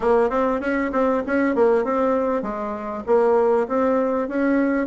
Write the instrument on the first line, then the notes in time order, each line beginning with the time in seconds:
bassoon
0.00 A#3
0.29 C4
0.60 C#4
0.92 C4
1.26 C#4
1.55 A#3
1.84 C4
2.42 G#3
3.06 A#3
3.67 C4
4.28 C#4